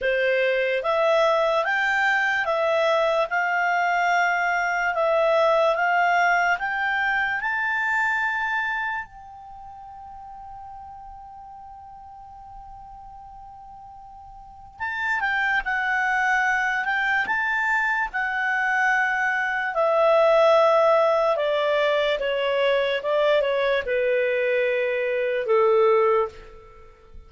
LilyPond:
\new Staff \with { instrumentName = "clarinet" } { \time 4/4 \tempo 4 = 73 c''4 e''4 g''4 e''4 | f''2 e''4 f''4 | g''4 a''2 g''4~ | g''1~ |
g''2 a''8 g''8 fis''4~ | fis''8 g''8 a''4 fis''2 | e''2 d''4 cis''4 | d''8 cis''8 b'2 a'4 | }